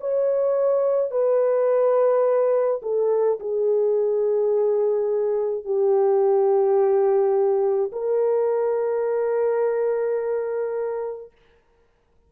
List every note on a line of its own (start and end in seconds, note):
0.00 1.11 C#5
1.11 2.81 B4
2.83 3.39 A4
3.40 5.64 G#4
5.64 7.91 G4
7.92 11.32 A#4